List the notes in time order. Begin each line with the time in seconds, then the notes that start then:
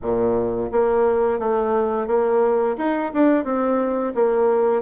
0.02 A#2
0.71 A#3
1.39 A3
2.07 A#3
2.77 D#4
3.13 D4
3.44 C4
4.14 A#3